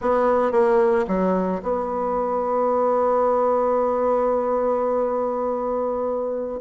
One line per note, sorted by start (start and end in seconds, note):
0.01 0.51 B3
0.51 1.05 A#3
1.07 1.61 F#3
1.62 6.60 B3